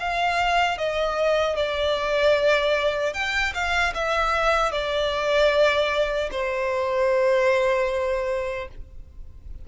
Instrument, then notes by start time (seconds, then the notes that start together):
violin
0.00 F5
0.78 D#5
1.56 D5
3.14 G5
3.55 F5
3.95 E5
4.72 D5
6.32 C5